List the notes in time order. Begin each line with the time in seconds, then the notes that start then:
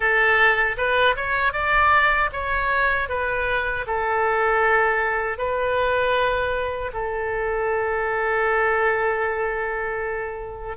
0.00 A4
0.77 B4
1.16 C#5
1.52 D5
2.32 C#5
3.08 B4
3.87 A4
5.37 B4
6.93 A4